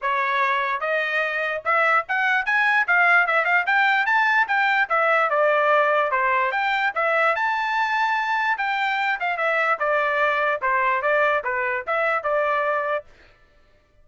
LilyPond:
\new Staff \with { instrumentName = "trumpet" } { \time 4/4 \tempo 4 = 147 cis''2 dis''2 | e''4 fis''4 gis''4 f''4 | e''8 f''8 g''4 a''4 g''4 | e''4 d''2 c''4 |
g''4 e''4 a''2~ | a''4 g''4. f''8 e''4 | d''2 c''4 d''4 | b'4 e''4 d''2 | }